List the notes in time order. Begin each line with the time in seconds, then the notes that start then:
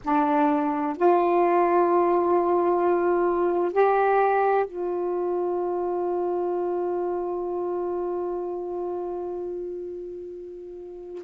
0.03 D4
0.96 F4
3.72 G4
4.66 F4